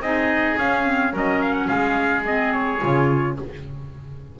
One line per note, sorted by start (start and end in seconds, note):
0.00 0.56 C4
0.00 0.59 D#4
0.00 1.13 G#4
0.00 0.58 D#5
0.57 1.13 C#4
0.57 0.86 C#4
0.57 1.15 F5
0.86 1.12 C4
1.12 1.69 F#3
1.12 2.24 C#4
1.12 1.67 A#4
1.12 1.42 D#5
1.42 1.54 F5
1.54 1.68 F#5
1.67 2.83 G#3
1.67 3.36 G#4
1.67 2.24 F5
2.25 2.80 C4
2.25 2.53 D#5
2.53 3.37 C#5
2.80 3.40 C#3
2.80 3.36 F4